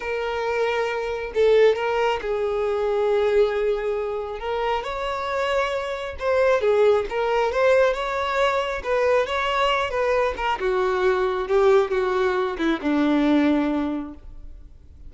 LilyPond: \new Staff \with { instrumentName = "violin" } { \time 4/4 \tempo 4 = 136 ais'2. a'4 | ais'4 gis'2.~ | gis'2 ais'4 cis''4~ | cis''2 c''4 gis'4 |
ais'4 c''4 cis''2 | b'4 cis''4. b'4 ais'8 | fis'2 g'4 fis'4~ | fis'8 e'8 d'2. | }